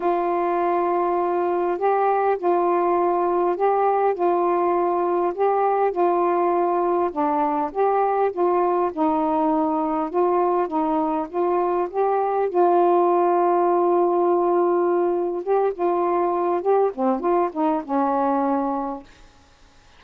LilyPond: \new Staff \with { instrumentName = "saxophone" } { \time 4/4 \tempo 4 = 101 f'2. g'4 | f'2 g'4 f'4~ | f'4 g'4 f'2 | d'4 g'4 f'4 dis'4~ |
dis'4 f'4 dis'4 f'4 | g'4 f'2.~ | f'2 g'8 f'4. | g'8 c'8 f'8 dis'8 cis'2 | }